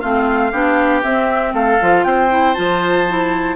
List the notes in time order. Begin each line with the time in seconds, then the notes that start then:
0.00 A3 C4 F4 F5
0.52 B3 D4 G4
1.02 C4 E5
1.53 A3 A4 F5
1.80 F3 F4
2.04 C4 C5 G5
2.29 E4
2.54 F3 F4 A5
3.08 E4